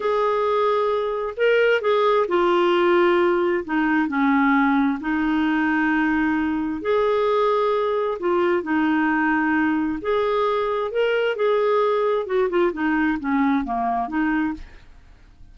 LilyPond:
\new Staff \with { instrumentName = "clarinet" } { \time 4/4 \tempo 4 = 132 gis'2. ais'4 | gis'4 f'2. | dis'4 cis'2 dis'4~ | dis'2. gis'4~ |
gis'2 f'4 dis'4~ | dis'2 gis'2 | ais'4 gis'2 fis'8 f'8 | dis'4 cis'4 ais4 dis'4 | }